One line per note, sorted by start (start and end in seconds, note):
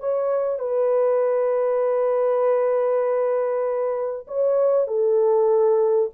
0.00 0.59 C#5
0.59 4.26 B4
4.28 4.88 C#5
4.88 6.10 A4